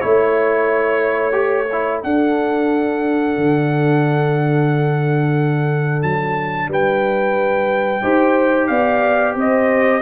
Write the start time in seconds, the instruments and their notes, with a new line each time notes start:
0.00 tuba A3, trombone E4, trumpet C#5, horn C#5
1.32 trombone G4
1.71 trombone E4
2.02 trombone D4, tuba D4, horn A4, trumpet F#5
3.36 tuba D3
6.02 tuba F#3, trumpet A5
6.68 tuba G3, horn B4, trumpet G5
8.02 tuba D#4, trombone G4, horn C5
8.67 tuba B3, horn D5, trumpet F5
9.35 tuba C4, horn C5, trumpet D#5